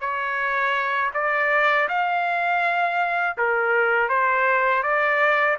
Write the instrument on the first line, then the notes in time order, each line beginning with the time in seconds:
trumpet
0.00 C#5
1.14 D5
1.89 F5
3.37 A#4
4.09 C5
4.83 D5